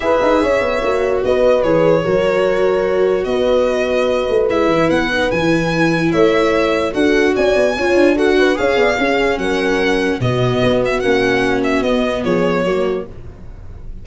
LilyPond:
<<
  \new Staff \with { instrumentName = "violin" } { \time 4/4 \tempo 4 = 147 e''2. dis''4 | cis''1 | dis''2. e''4 | fis''4 gis''2 e''4~ |
e''4 fis''4 gis''2 | fis''4 f''2 fis''4~ | fis''4 dis''4. e''8 fis''4~ | fis''8 e''8 dis''4 cis''2 | }
  \new Staff \with { instrumentName = "horn" } { \time 4/4 b'4 cis''2 b'4~ | b'4 ais'2. | b'1~ | b'2. cis''4~ |
cis''4 a'4 d''4 cis''4 | a'8 b'8 cis''8 d''8 gis'4 ais'4~ | ais'4 fis'2.~ | fis'2 gis'4 fis'4 | }
  \new Staff \with { instrumentName = "viola" } { \time 4/4 gis'2 fis'2 | gis'4 fis'2.~ | fis'2. e'4~ | e'8 dis'8 e'2.~ |
e'4 fis'2 f'4 | fis'4 gis'4 cis'2~ | cis'4 b2 cis'4~ | cis'4 b2 ais4 | }
  \new Staff \with { instrumentName = "tuba" } { \time 4/4 e'8 dis'8 cis'8 b8 ais4 b4 | e4 fis2. | b2~ b8 a8 gis8 e8 | b4 e2 a4~ |
a4 d'4 cis'8 b8 cis'8 d'8~ | d'4 cis'8 b8 cis'4 fis4~ | fis4 b,4 b4 ais4~ | ais4 b4 f4 fis4 | }
>>